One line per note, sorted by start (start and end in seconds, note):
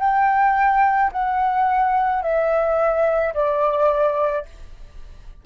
0.00 1.11 G5
1.13 2.23 F#5
2.23 3.34 E5
3.35 4.46 D5